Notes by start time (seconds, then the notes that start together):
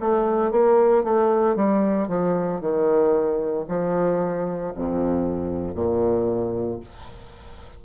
0.00 A3
0.51 A#3
1.03 A3
1.56 G3
2.08 F3
2.61 D#3
3.68 F3
4.75 F2
5.75 A#2